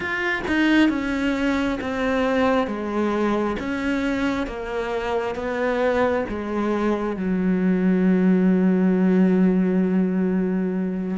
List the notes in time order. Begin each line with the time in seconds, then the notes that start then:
0.00 F4
0.47 D#4
0.89 C#4
1.80 C4
2.67 G#3
3.59 C#4
4.47 A#3
5.35 B3
6.28 G#3
7.16 F#3